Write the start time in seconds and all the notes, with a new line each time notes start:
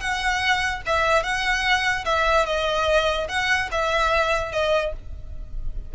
0.00 F#5
0.86 E5
1.23 F#5
2.05 E5
2.46 D#5
3.28 F#5
3.71 E5
4.52 D#5